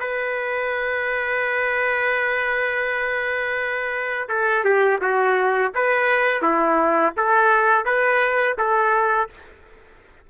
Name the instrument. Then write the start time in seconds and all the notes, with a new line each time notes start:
trumpet
0.00 B4
4.29 A4
4.65 G4
5.01 F#4
5.75 B4
6.42 E4
7.17 A4
7.85 B4
8.58 A4